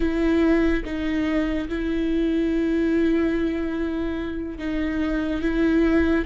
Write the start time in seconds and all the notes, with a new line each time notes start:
0.00 E4
0.84 D#4
1.69 E4
4.58 D#4
5.41 E4